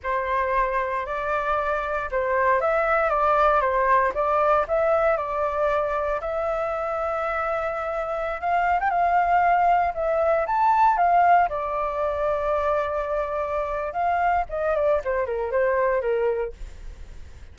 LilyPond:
\new Staff \with { instrumentName = "flute" } { \time 4/4 \tempo 4 = 116 c''2 d''2 | c''4 e''4 d''4 c''4 | d''4 e''4 d''2 | e''1~ |
e''16 f''8. g''16 f''2 e''8.~ | e''16 a''4 f''4 d''4.~ d''16~ | d''2. f''4 | dis''8 d''8 c''8 ais'8 c''4 ais'4 | }